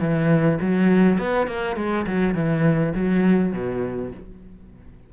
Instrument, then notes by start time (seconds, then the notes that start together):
cello
0.00 E3
0.61 F#3
1.18 B3
1.47 A#3
1.77 G#3
2.07 F#3
2.35 E3
2.95 F#3
3.53 B2